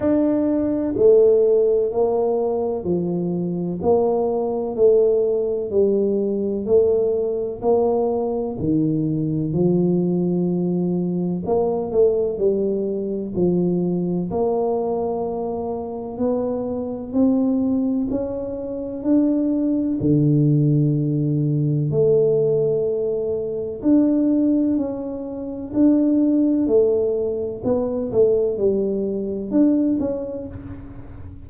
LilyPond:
\new Staff \with { instrumentName = "tuba" } { \time 4/4 \tempo 4 = 63 d'4 a4 ais4 f4 | ais4 a4 g4 a4 | ais4 dis4 f2 | ais8 a8 g4 f4 ais4~ |
ais4 b4 c'4 cis'4 | d'4 d2 a4~ | a4 d'4 cis'4 d'4 | a4 b8 a8 g4 d'8 cis'8 | }